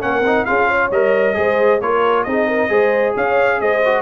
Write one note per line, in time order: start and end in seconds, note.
0.00 0.20 A#3
0.00 0.22 C#4
0.00 0.47 A#4
0.00 0.45 F#5
0.20 0.43 C4
0.20 0.47 D#4
0.45 0.91 C#4
0.45 0.92 F4
0.45 0.68 G#4
0.45 0.90 F5
0.68 1.35 C#5
0.91 1.36 G3
0.91 1.34 A#4
0.91 1.81 D#5
1.34 1.81 G#3
1.34 1.79 G#4
1.34 1.82 C5
1.81 2.26 A#3
1.81 2.27 F4
1.81 2.26 A#4
1.81 2.24 C#5
2.24 2.69 C4
2.24 2.69 D#4
2.24 2.47 G#4
2.24 3.13 D#5
2.47 2.69 A#4
2.69 3.14 G#3
2.69 3.81 G#4
2.69 3.15 C5
3.16 3.61 C#4
3.16 3.61 C#5
3.16 3.61 F5
3.61 4.01 G#3
3.61 4.01 C5
3.61 4.01 D#5
3.85 4.01 F#4